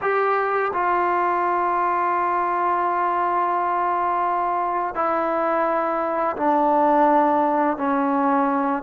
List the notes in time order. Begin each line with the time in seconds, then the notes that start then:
0.01 G4
0.73 F4
4.94 E4
6.36 D4
7.77 C#4